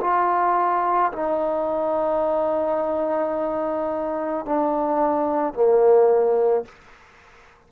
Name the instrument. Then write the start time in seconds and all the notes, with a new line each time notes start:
trombone
0.00 F4
1.12 D#4
4.45 D4
5.54 A#3